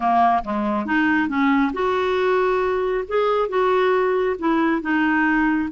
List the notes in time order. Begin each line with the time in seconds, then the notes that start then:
0.00 A#3
0.44 G#3
0.85 D#4
1.28 C#4
1.73 F#4
3.08 G#4
3.48 F#4
4.38 E4
4.81 D#4